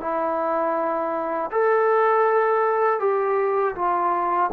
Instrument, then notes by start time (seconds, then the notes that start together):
trombone
0.00 E4
1.51 A4
2.99 G4
3.75 F4